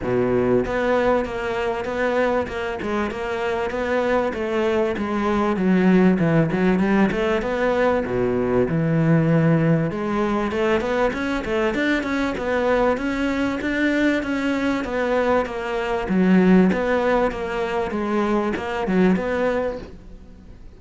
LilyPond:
\new Staff \with { instrumentName = "cello" } { \time 4/4 \tempo 4 = 97 b,4 b4 ais4 b4 | ais8 gis8 ais4 b4 a4 | gis4 fis4 e8 fis8 g8 a8 | b4 b,4 e2 |
gis4 a8 b8 cis'8 a8 d'8 cis'8 | b4 cis'4 d'4 cis'4 | b4 ais4 fis4 b4 | ais4 gis4 ais8 fis8 b4 | }